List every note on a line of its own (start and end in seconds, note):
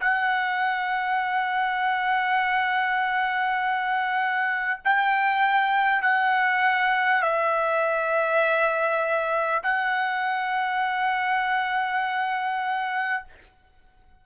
0.00 4.80 F#5
4.84 6.02 G5
6.02 7.22 F#5
7.22 9.62 E5
9.63 13.23 F#5